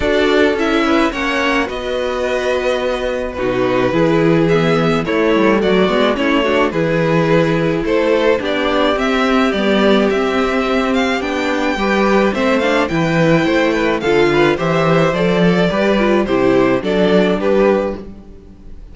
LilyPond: <<
  \new Staff \with { instrumentName = "violin" } { \time 4/4 \tempo 4 = 107 d''4 e''4 fis''4 dis''4~ | dis''2 b'2 | e''4 cis''4 d''4 cis''4 | b'2 c''4 d''4 |
e''4 d''4 e''4. f''8 | g''2 e''8 f''8 g''4~ | g''4 f''4 e''4 d''4~ | d''4 c''4 d''4 b'4 | }
  \new Staff \with { instrumentName = "violin" } { \time 4/4 a'4. b'8 cis''4 b'4~ | b'2 fis'4 gis'4~ | gis'4 e'4 fis'4 e'8 fis'8 | gis'2 a'4 g'4~ |
g'1~ | g'4 b'4 c''4 b'4 | c''8 b'8 a'8 b'8 c''4. a'8 | b'4 g'4 a'4 g'4 | }
  \new Staff \with { instrumentName = "viola" } { \time 4/4 fis'4 e'4 cis'4 fis'4~ | fis'2 dis'4 e'4 | b4 a4. b8 cis'8 d'8 | e'2. d'4 |
c'4 b4 c'2 | d'4 g'4 c'8 d'8 e'4~ | e'4 f'4 g'4 a'4 | g'8 f'8 e'4 d'2 | }
  \new Staff \with { instrumentName = "cello" } { \time 4/4 d'4 cis'4 ais4 b4~ | b2 b,4 e4~ | e4 a8 g8 fis8 gis8 a4 | e2 a4 b4 |
c'4 g4 c'2 | b4 g4 a4 e4 | a4 d4 e4 f4 | g4 c4 fis4 g4 | }
>>